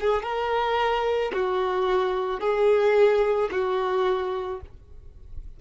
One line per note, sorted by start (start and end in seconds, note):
0.00 0.22 G#4
0.22 1.31 A#4
1.33 2.40 F#4
2.40 3.49 G#4
3.51 4.60 F#4